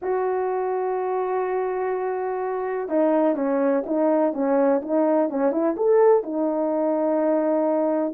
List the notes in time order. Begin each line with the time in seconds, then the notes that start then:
0.02 F#4
2.88 D#4
3.35 C#4
3.86 D#4
4.33 C#4
4.82 D#4
5.29 C#4
5.51 E4
5.76 A4
6.23 D#4